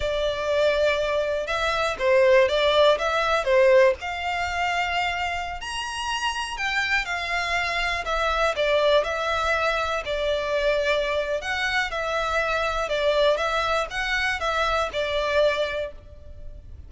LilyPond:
\new Staff \with { instrumentName = "violin" } { \time 4/4 \tempo 4 = 121 d''2. e''4 | c''4 d''4 e''4 c''4 | f''2.~ f''16 ais''8.~ | ais''4~ ais''16 g''4 f''4.~ f''16~ |
f''16 e''4 d''4 e''4.~ e''16~ | e''16 d''2~ d''8. fis''4 | e''2 d''4 e''4 | fis''4 e''4 d''2 | }